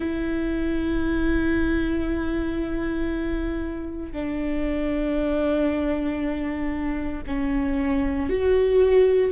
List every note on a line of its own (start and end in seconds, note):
0.00 4.12 E4
4.12 7.22 D4
7.26 8.29 C#4
8.29 9.31 F#4